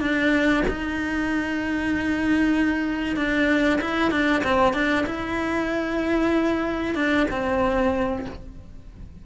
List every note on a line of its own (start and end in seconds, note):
0.00 0.63 D4
0.68 3.16 D#4
3.16 3.79 D4
3.81 4.11 E4
4.11 4.42 D4
4.43 4.73 C4
4.73 5.05 D4
5.06 6.95 E4
6.95 7.26 D4
7.30 8.25 C4